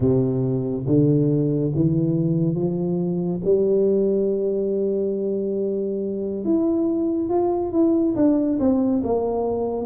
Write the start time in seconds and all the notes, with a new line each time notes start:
0.00 C3
0.86 D3
1.75 E3
2.54 F3
3.44 G3
6.44 E4
7.29 F4
7.72 E4
8.15 D4
8.59 C4
9.03 A#3